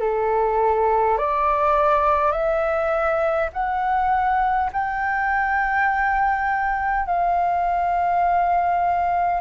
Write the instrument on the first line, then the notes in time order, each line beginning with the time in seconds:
flute
0.00 A4
1.18 D5
2.32 E5
3.53 F#5
4.73 G5
7.06 F5